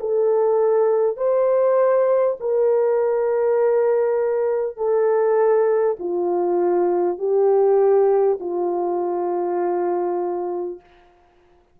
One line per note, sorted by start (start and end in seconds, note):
0.00 1.17 A4
1.17 2.37 C5
2.40 4.77 A#4
4.77 5.97 A4
5.99 7.18 F4
7.18 8.38 G4
8.40 10.80 F4